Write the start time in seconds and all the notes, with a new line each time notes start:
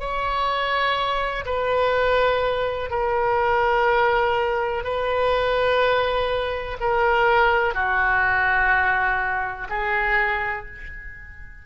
0.00 C#5
1.46 B4
2.90 A#4
4.84 B4
6.80 A#4
7.75 F#4
9.70 G#4